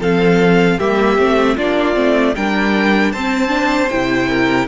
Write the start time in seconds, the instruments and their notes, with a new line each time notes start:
0.00 cello F3, viola C4, violin A4 F5
0.78 cello G3, viola A#3, violin G4 E5
1.18 cello A3, viola C4
1.56 cello A#3, viola D4, violin F4 D5
1.94 cello A3, viola C4
2.35 cello G3, viola D4, violin A#4 G5
3.12 cello C4, viola C4, violin C5 A5
3.48 viola D4
3.89 cello C3, viola E4, violin G5
4.28 violin A#4